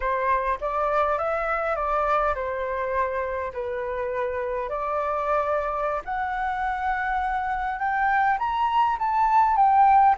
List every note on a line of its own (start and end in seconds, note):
0.00 0.58 C5
0.60 1.18 D5
1.18 1.75 E5
1.75 2.34 D5
2.34 3.52 C5
3.53 4.69 B4
4.69 6.01 D5
6.05 7.79 F#5
7.79 8.37 G5
8.38 8.97 A#5
8.98 9.56 A5
9.56 10.15 G5